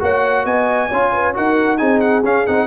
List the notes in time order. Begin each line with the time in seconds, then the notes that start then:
0.00 A#3 F#4 C#5 F#5
0.45 B3 D#5 G#5
0.89 C#4 F4 C#5
1.13 B4
1.34 D#4 F#4 A#4 F#5
1.78 C4 D#4 G#4 G#5
2.00 F#5
2.24 C#4 F5
2.47 C4 D#4 F#5